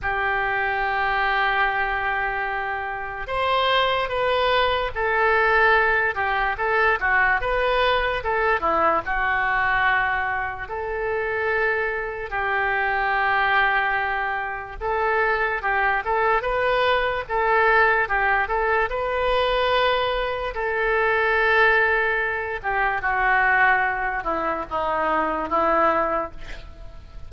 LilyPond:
\new Staff \with { instrumentName = "oboe" } { \time 4/4 \tempo 4 = 73 g'1 | c''4 b'4 a'4. g'8 | a'8 fis'8 b'4 a'8 e'8 fis'4~ | fis'4 a'2 g'4~ |
g'2 a'4 g'8 a'8 | b'4 a'4 g'8 a'8 b'4~ | b'4 a'2~ a'8 g'8 | fis'4. e'8 dis'4 e'4 | }